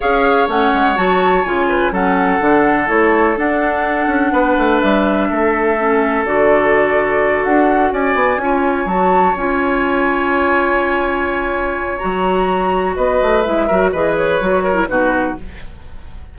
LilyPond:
<<
  \new Staff \with { instrumentName = "flute" } { \time 4/4 \tempo 4 = 125 f''4 fis''4 a''4 gis''4 | fis''2 cis''4 fis''4~ | fis''2 e''2~ | e''4 d''2~ d''8 fis''8~ |
fis''8 gis''2 a''4 gis''8~ | gis''1~ | gis''4 ais''2 dis''4 | e''4 dis''8 cis''4. b'4 | }
  \new Staff \with { instrumentName = "oboe" } { \time 4/4 cis''2.~ cis''8 b'8 | a'1~ | a'4 b'2 a'4~ | a'1~ |
a'8 d''4 cis''2~ cis''8~ | cis''1~ | cis''2. b'4~ | b'8 ais'8 b'4. ais'8 fis'4 | }
  \new Staff \with { instrumentName = "clarinet" } { \time 4/4 gis'4 cis'4 fis'4 f'4 | cis'4 d'4 e'4 d'4~ | d'1 | cis'4 fis'2.~ |
fis'4. f'4 fis'4 f'8~ | f'1~ | f'4 fis'2. | e'8 fis'8 gis'4 fis'8. e'16 dis'4 | }
  \new Staff \with { instrumentName = "bassoon" } { \time 4/4 cis'4 a8 gis8 fis4 cis4 | fis4 d4 a4 d'4~ | d'8 cis'8 b8 a8 g4 a4~ | a4 d2~ d8 d'8~ |
d'8 cis'8 b8 cis'4 fis4 cis'8~ | cis'1~ | cis'4 fis2 b8 a8 | gis8 fis8 e4 fis4 b,4 | }
>>